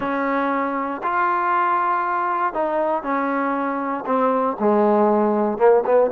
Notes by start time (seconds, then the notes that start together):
0.00 C#4
1.03 F4
2.53 D#4
3.02 C#4
4.06 C4
4.59 G#3
5.58 A#3
5.85 B3